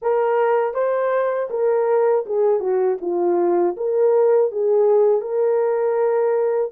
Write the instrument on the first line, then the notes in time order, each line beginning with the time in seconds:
horn
0.02 A#4
0.74 C5
1.50 A#4
2.25 G#4
2.59 F#4
3.01 F4
3.76 A#4
4.51 G#4
5.21 A#4